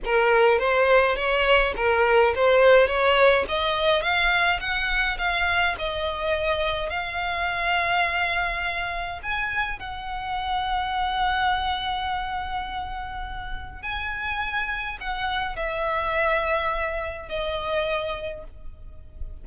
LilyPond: \new Staff \with { instrumentName = "violin" } { \time 4/4 \tempo 4 = 104 ais'4 c''4 cis''4 ais'4 | c''4 cis''4 dis''4 f''4 | fis''4 f''4 dis''2 | f''1 |
gis''4 fis''2.~ | fis''1 | gis''2 fis''4 e''4~ | e''2 dis''2 | }